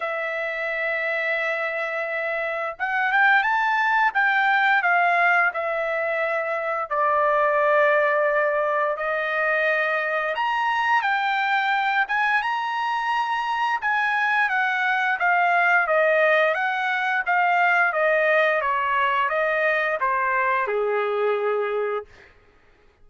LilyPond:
\new Staff \with { instrumentName = "trumpet" } { \time 4/4 \tempo 4 = 87 e''1 | fis''8 g''8 a''4 g''4 f''4 | e''2 d''2~ | d''4 dis''2 ais''4 |
g''4. gis''8 ais''2 | gis''4 fis''4 f''4 dis''4 | fis''4 f''4 dis''4 cis''4 | dis''4 c''4 gis'2 | }